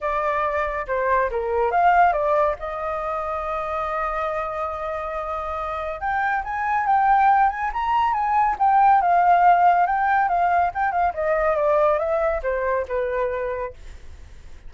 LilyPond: \new Staff \with { instrumentName = "flute" } { \time 4/4 \tempo 4 = 140 d''2 c''4 ais'4 | f''4 d''4 dis''2~ | dis''1~ | dis''2 g''4 gis''4 |
g''4. gis''8 ais''4 gis''4 | g''4 f''2 g''4 | f''4 g''8 f''8 dis''4 d''4 | e''4 c''4 b'2 | }